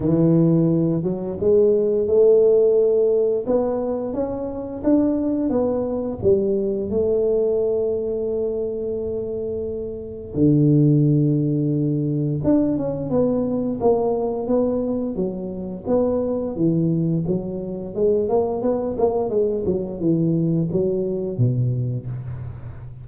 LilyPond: \new Staff \with { instrumentName = "tuba" } { \time 4/4 \tempo 4 = 87 e4. fis8 gis4 a4~ | a4 b4 cis'4 d'4 | b4 g4 a2~ | a2. d4~ |
d2 d'8 cis'8 b4 | ais4 b4 fis4 b4 | e4 fis4 gis8 ais8 b8 ais8 | gis8 fis8 e4 fis4 b,4 | }